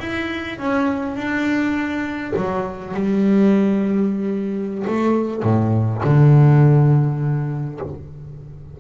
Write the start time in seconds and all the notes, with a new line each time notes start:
0.00 E4
0.59 C#4
1.17 D4
2.36 F#3
2.95 G3
4.87 A3
5.43 A2
6.04 D3